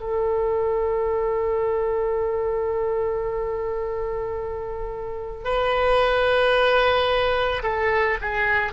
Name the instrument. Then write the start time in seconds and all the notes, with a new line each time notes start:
oboe
0.00 A4
5.44 B4
7.63 A4
8.21 G#4